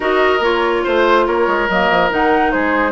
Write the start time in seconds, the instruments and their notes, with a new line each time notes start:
0.00 bassoon D#4, clarinet F#4, oboe A#4, flute D#5
0.39 bassoon A#3, clarinet F4, flute C#5
0.83 bassoon A3, oboe C5, flute C5
1.26 bassoon A#3, oboe A#4, flute C#5
1.47 bassoon G#3
1.69 bassoon F#3, clarinet A#3, flute D#5
1.90 bassoon F3
2.09 bassoon D#3, clarinet D#4, flute F#5
2.51 bassoon G#3, oboe G#4, flute C5